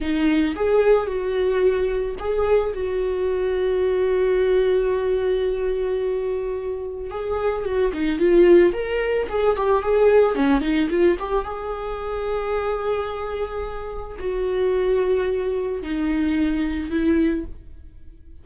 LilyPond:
\new Staff \with { instrumentName = "viola" } { \time 4/4 \tempo 4 = 110 dis'4 gis'4 fis'2 | gis'4 fis'2.~ | fis'1~ | fis'4 gis'4 fis'8 dis'8 f'4 |
ais'4 gis'8 g'8 gis'4 cis'8 dis'8 | f'8 g'8 gis'2.~ | gis'2 fis'2~ | fis'4 dis'2 e'4 | }